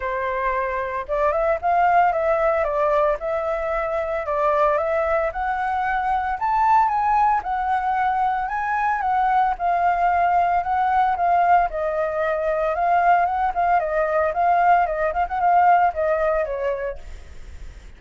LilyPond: \new Staff \with { instrumentName = "flute" } { \time 4/4 \tempo 4 = 113 c''2 d''8 e''8 f''4 | e''4 d''4 e''2 | d''4 e''4 fis''2 | a''4 gis''4 fis''2 |
gis''4 fis''4 f''2 | fis''4 f''4 dis''2 | f''4 fis''8 f''8 dis''4 f''4 | dis''8 f''16 fis''16 f''4 dis''4 cis''4 | }